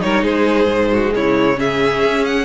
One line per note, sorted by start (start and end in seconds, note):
0.00 0.23 G3
0.00 0.67 D#4
0.00 0.24 A#4
0.00 0.24 C#5
0.23 0.66 G#3
0.23 0.90 G#4
0.23 1.13 C5
0.66 1.11 G#2
0.66 1.55 G#3
0.93 1.15 F#4
1.15 2.04 C#3
1.15 1.59 E4
1.15 1.60 C#5
1.56 2.45 C#4
1.56 2.46 G#4
1.56 2.26 E5
2.04 2.46 C#4
2.26 2.46 F#5